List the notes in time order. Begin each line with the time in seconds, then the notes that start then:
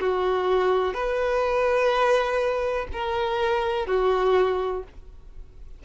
0.00 F#4
0.93 B4
2.92 A#4
3.86 F#4